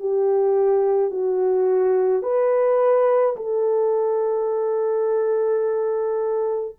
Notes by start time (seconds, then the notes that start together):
0.00 G4
1.11 F#4
2.23 B4
3.36 A4